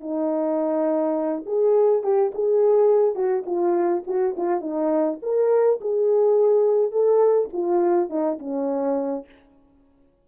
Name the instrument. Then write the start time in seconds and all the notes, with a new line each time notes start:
horn
0.00 D#4
1.45 G#4
2.03 G4
2.34 G#4
3.15 F#4
3.45 F4
4.06 F#4
4.36 F4
4.60 D#4
5.22 A#4
5.80 G#4
6.91 A4
7.52 F4
8.09 D#4
8.39 C#4